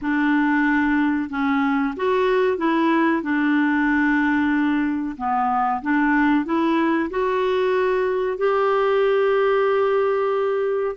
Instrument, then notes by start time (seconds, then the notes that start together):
clarinet
0.01 D4
1.29 C#4
1.96 F#4
2.57 E4
3.22 D4
5.17 B3
5.82 D4
6.45 E4
7.10 F#4
8.37 G4